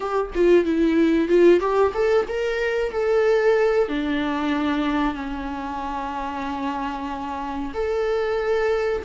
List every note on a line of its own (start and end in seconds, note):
0.00 0.30 G4
0.34 0.65 F4
0.65 1.28 E4
1.28 1.60 F4
1.60 1.92 G4
1.94 2.26 A4
2.28 2.91 A#4
2.91 3.88 A4
3.88 5.14 D4
5.14 7.72 C#4
7.74 9.03 A4